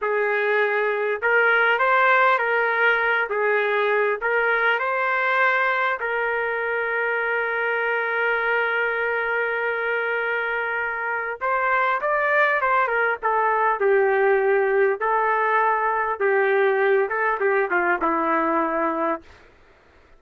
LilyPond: \new Staff \with { instrumentName = "trumpet" } { \time 4/4 \tempo 4 = 100 gis'2 ais'4 c''4 | ais'4. gis'4. ais'4 | c''2 ais'2~ | ais'1~ |
ais'2. c''4 | d''4 c''8 ais'8 a'4 g'4~ | g'4 a'2 g'4~ | g'8 a'8 g'8 f'8 e'2 | }